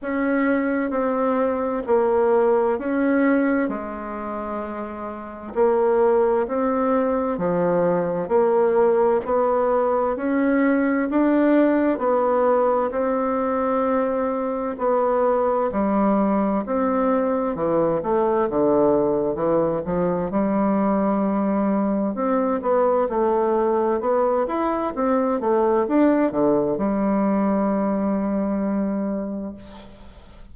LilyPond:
\new Staff \with { instrumentName = "bassoon" } { \time 4/4 \tempo 4 = 65 cis'4 c'4 ais4 cis'4 | gis2 ais4 c'4 | f4 ais4 b4 cis'4 | d'4 b4 c'2 |
b4 g4 c'4 e8 a8 | d4 e8 f8 g2 | c'8 b8 a4 b8 e'8 c'8 a8 | d'8 d8 g2. | }